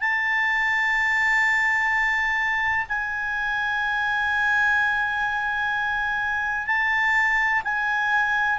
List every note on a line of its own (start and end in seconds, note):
0.00 2.86 A5
2.88 6.66 G#5
6.66 7.61 A5
7.64 8.58 G#5